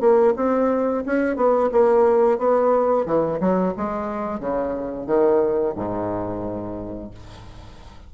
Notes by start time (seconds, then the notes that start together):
0.00 A#3
0.36 C4
1.06 C#4
1.36 B3
1.72 A#3
2.38 B3
3.06 E3
3.40 F#3
3.77 G#3
4.40 C#3
5.07 D#3
5.75 G#2